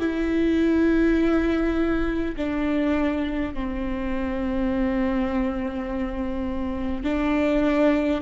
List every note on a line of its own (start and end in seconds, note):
0.00 2.35 E4
2.37 3.54 D4
3.54 7.04 C4
7.04 8.21 D4